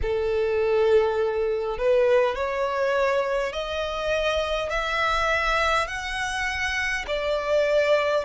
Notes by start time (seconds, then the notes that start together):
0.02 A4
1.78 B4
2.35 C#5
3.52 D#5
4.70 E5
5.87 F#5
7.06 D5